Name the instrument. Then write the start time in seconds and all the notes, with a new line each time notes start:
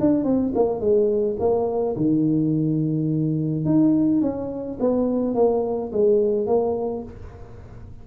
tuba
0.00 D4
0.24 C4
0.55 A#3
0.80 G#3
1.39 A#3
1.96 D#3
3.65 D#4
4.22 C#4
4.80 B3
5.35 A#3
5.92 G#3
6.47 A#3